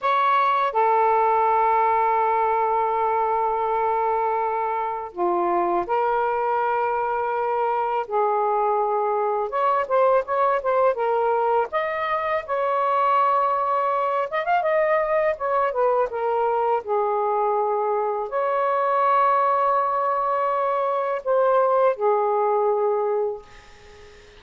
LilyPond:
\new Staff \with { instrumentName = "saxophone" } { \time 4/4 \tempo 4 = 82 cis''4 a'2.~ | a'2. f'4 | ais'2. gis'4~ | gis'4 cis''8 c''8 cis''8 c''8 ais'4 |
dis''4 cis''2~ cis''8 dis''16 f''16 | dis''4 cis''8 b'8 ais'4 gis'4~ | gis'4 cis''2.~ | cis''4 c''4 gis'2 | }